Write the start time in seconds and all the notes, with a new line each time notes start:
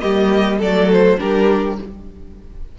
0.00 G3 A#3 G4 D#5
0.58 F#3 A4 D5
0.65 A3
0.92 C5
1.18 G3 D4 G4 A#4